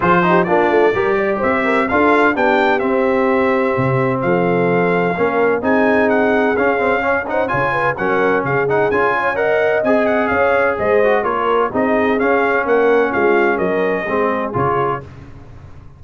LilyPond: <<
  \new Staff \with { instrumentName = "trumpet" } { \time 4/4 \tempo 4 = 128 c''4 d''2 e''4 | f''4 g''4 e''2~ | e''4 f''2. | gis''4 fis''4 f''4. fis''8 |
gis''4 fis''4 f''8 fis''8 gis''4 | fis''4 gis''8 fis''8 f''4 dis''4 | cis''4 dis''4 f''4 fis''4 | f''4 dis''2 cis''4 | }
  \new Staff \with { instrumentName = "horn" } { \time 4/4 gis'8 g'8 f'4 ais'8 d''8 c''8 ais'8 | a'4 g'2.~ | g'4 a'2 ais'4 | gis'2. cis''8 c''8 |
cis''8 b'8 ais'4 gis'4. cis''8 | dis''2 cis''4 c''4 | ais'4 gis'2 ais'4 | f'4 ais'4 gis'2 | }
  \new Staff \with { instrumentName = "trombone" } { \time 4/4 f'8 dis'8 d'4 g'2 | f'4 d'4 c'2~ | c'2. cis'4 | dis'2 cis'8 c'8 cis'8 dis'8 |
f'4 cis'4. dis'8 f'4 | ais'4 gis'2~ gis'8 fis'8 | f'4 dis'4 cis'2~ | cis'2 c'4 f'4 | }
  \new Staff \with { instrumentName = "tuba" } { \time 4/4 f4 ais8 a8 g4 c'4 | d'4 b4 c'2 | c4 f2 ais4 | c'2 cis'2 |
cis4 fis4 cis4 cis'4~ | cis'4 c'4 cis'4 gis4 | ais4 c'4 cis'4 ais4 | gis4 fis4 gis4 cis4 | }
>>